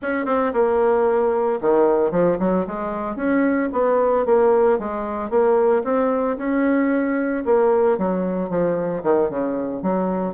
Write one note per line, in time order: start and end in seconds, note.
0.02 0.25 C#4
0.25 0.52 C4
0.53 1.59 A#3
1.61 2.11 D#3
2.11 2.37 F3
2.39 2.65 F#3
2.67 3.16 G#3
3.16 3.69 C#4
3.72 4.25 B3
4.25 4.78 A#3
4.78 5.30 G#3
5.30 5.83 A#3
5.84 6.37 C4
6.37 7.43 C#4
7.45 7.98 A#3
7.98 8.49 F#3
8.49 9.02 F3
9.03 9.29 D#3
9.29 9.82 C#3
9.82 10.34 F#3